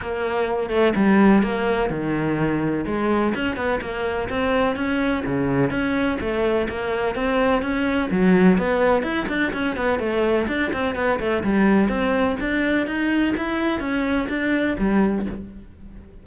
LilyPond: \new Staff \with { instrumentName = "cello" } { \time 4/4 \tempo 4 = 126 ais4. a8 g4 ais4 | dis2 gis4 cis'8 b8 | ais4 c'4 cis'4 cis4 | cis'4 a4 ais4 c'4 |
cis'4 fis4 b4 e'8 d'8 | cis'8 b8 a4 d'8 c'8 b8 a8 | g4 c'4 d'4 dis'4 | e'4 cis'4 d'4 g4 | }